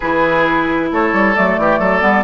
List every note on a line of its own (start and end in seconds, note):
0.00 0.91 E3
0.00 1.35 E4
0.00 0.90 G#4
0.00 0.89 B4
0.91 1.12 A3
0.91 1.60 A4
0.91 1.35 C#5
1.12 1.35 G3
1.35 1.58 F#3
1.35 2.01 A3
1.35 2.24 D5
1.58 1.79 E3
1.58 1.79 G4
1.79 2.02 F#3
1.79 2.24 A4
2.01 2.24 G3
2.01 2.24 B3